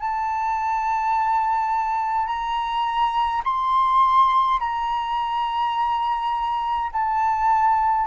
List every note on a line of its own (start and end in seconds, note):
0.00 2.27 A5
2.27 3.42 A#5
3.45 4.60 C6
4.60 6.91 A#5
6.93 8.08 A5